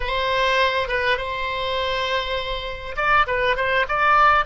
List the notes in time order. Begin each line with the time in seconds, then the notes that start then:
0.00 C5
0.88 B4
1.17 C5
2.96 D5
3.26 B4
3.56 C5
3.88 D5